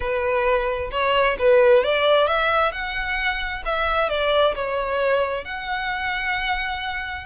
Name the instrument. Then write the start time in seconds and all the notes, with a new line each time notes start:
violin
0.00 B4
0.91 C#5
1.38 B4
1.83 D5
2.27 E5
2.71 F#5
3.65 E5
4.09 D5
4.55 C#5
5.44 F#5